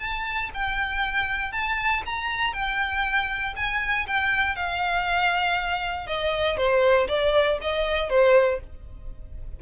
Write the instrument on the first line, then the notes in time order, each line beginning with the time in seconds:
violin
0.00 A5
0.54 G5
1.52 A5
2.06 A#5
2.54 G5
3.56 G#5
4.07 G5
4.56 F5
6.07 D#5
6.57 C5
7.08 D5
7.62 D#5
8.10 C5